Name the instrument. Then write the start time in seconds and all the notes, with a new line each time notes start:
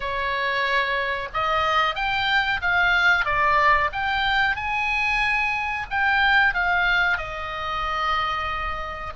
oboe
0.00 C#5
1.33 D#5
1.95 G5
2.61 F5
3.25 D5
3.92 G5
4.56 G#5
5.90 G5
6.54 F5
7.17 D#5